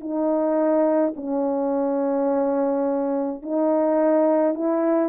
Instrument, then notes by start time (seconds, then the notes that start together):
horn
0.00 D#4
1.15 C#4
3.42 D#4
4.54 E4